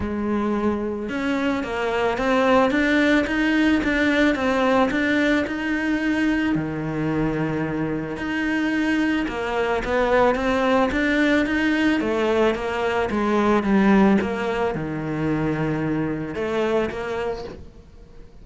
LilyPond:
\new Staff \with { instrumentName = "cello" } { \time 4/4 \tempo 4 = 110 gis2 cis'4 ais4 | c'4 d'4 dis'4 d'4 | c'4 d'4 dis'2 | dis2. dis'4~ |
dis'4 ais4 b4 c'4 | d'4 dis'4 a4 ais4 | gis4 g4 ais4 dis4~ | dis2 a4 ais4 | }